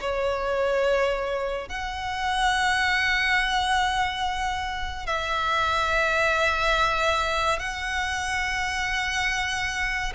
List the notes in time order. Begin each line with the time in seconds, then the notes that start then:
0.00 C#5
1.68 F#5
5.06 E5
7.59 F#5